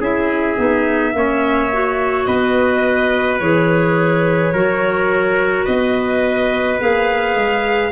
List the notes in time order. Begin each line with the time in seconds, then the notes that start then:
0.00 C#4 E4 G#4 E5
0.58 B3 D#4
1.14 A#3 C#4 C#5
1.73 F#4
2.26 B3 B4 D#5
3.39 E3 G#4 C#5
4.54 F#3 F#4 A#4
5.65 B3 B4 D#5
6.80 A#3 G#4 F5
7.35 G#3